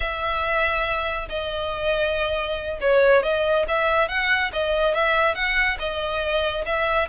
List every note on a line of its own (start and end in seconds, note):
0.00 1.28 E5
1.29 2.79 D#5
2.81 3.23 C#5
3.23 3.65 D#5
3.68 4.08 E5
4.08 4.51 F#5
4.52 4.94 D#5
4.94 5.34 E5
5.34 5.77 F#5
5.79 6.64 D#5
6.65 7.08 E5